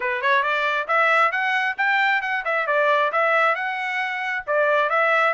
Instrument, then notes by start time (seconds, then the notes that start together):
trumpet
0.00 B4
0.21 C#5
0.42 D5
0.87 E5
1.31 F#5
1.77 G5
2.21 F#5
2.44 E5
2.67 D5
3.12 E5
3.55 F#5
4.46 D5
4.89 E5